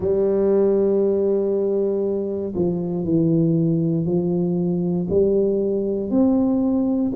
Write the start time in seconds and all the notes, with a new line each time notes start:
0.00 G3
2.55 F3
3.04 E3
4.05 F3
5.09 G3
6.10 C4